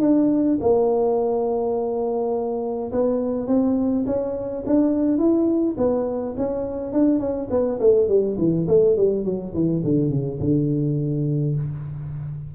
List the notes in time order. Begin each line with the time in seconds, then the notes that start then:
0.00 D4
0.60 A#3
2.91 B3
3.47 C4
4.06 C#4
4.66 D4
5.18 E4
5.77 B3
6.36 C#4
6.92 D4
7.19 C#4
7.50 B3
7.79 A3
8.08 G3
8.38 E3
8.67 A3
8.96 G3
9.24 F#3
9.53 E3
9.84 D3
10.10 C#3
10.39 D3